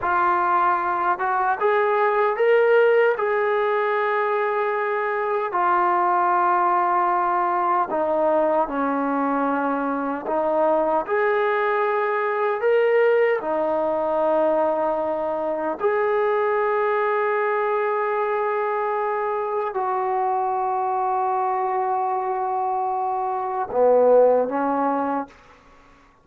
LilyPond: \new Staff \with { instrumentName = "trombone" } { \time 4/4 \tempo 4 = 76 f'4. fis'8 gis'4 ais'4 | gis'2. f'4~ | f'2 dis'4 cis'4~ | cis'4 dis'4 gis'2 |
ais'4 dis'2. | gis'1~ | gis'4 fis'2.~ | fis'2 b4 cis'4 | }